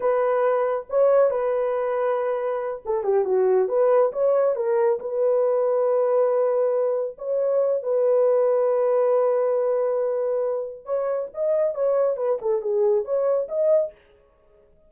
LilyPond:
\new Staff \with { instrumentName = "horn" } { \time 4/4 \tempo 4 = 138 b'2 cis''4 b'4~ | b'2~ b'8 a'8 g'8 fis'8~ | fis'8 b'4 cis''4 ais'4 b'8~ | b'1~ |
b'8 cis''4. b'2~ | b'1~ | b'4 cis''4 dis''4 cis''4 | b'8 a'8 gis'4 cis''4 dis''4 | }